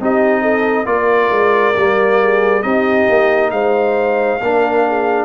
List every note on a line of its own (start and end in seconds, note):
0.00 0.86 C4
0.00 0.85 D#4
0.00 0.41 G4
0.00 0.86 D#5
0.41 0.85 A4
0.85 1.30 A#3
0.85 1.73 F4
0.85 2.21 A#4
0.85 2.62 D5
1.30 1.74 G#3
1.76 2.64 G3
1.76 2.63 A#3
2.21 2.63 G#4
2.62 3.08 C4
2.62 4.39 D#4
2.62 3.51 G4
2.62 3.50 D#5
3.09 3.51 A#3
3.51 4.39 G#3
3.51 4.41 C5
3.51 5.25 F5
4.42 5.25 A#3
4.42 5.25 D4
4.42 4.86 A#4
4.88 5.25 G#4